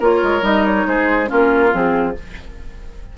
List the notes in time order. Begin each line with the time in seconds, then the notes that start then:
0.00 A#3 F4 A#4 C#5
0.23 G#3
0.41 G3 D#4 D#5
0.65 C#5
0.86 G#3 G#4 C5
1.26 A#3 C#4 F4 A#4
1.71 F3 C4 G#4